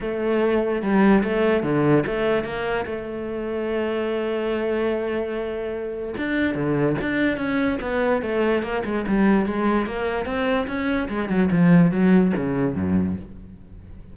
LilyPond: \new Staff \with { instrumentName = "cello" } { \time 4/4 \tempo 4 = 146 a2 g4 a4 | d4 a4 ais4 a4~ | a1~ | a2. d'4 |
d4 d'4 cis'4 b4 | a4 ais8 gis8 g4 gis4 | ais4 c'4 cis'4 gis8 fis8 | f4 fis4 cis4 fis,4 | }